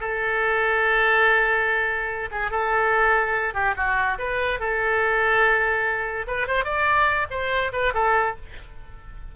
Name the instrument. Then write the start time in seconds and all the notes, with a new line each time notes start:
oboe
0.00 A4
2.31 G#4
2.51 A4
3.54 G4
3.76 F#4
4.18 B4
4.59 A4
6.27 B4
6.47 C5
6.64 D5
7.30 C5
7.72 B4
7.93 A4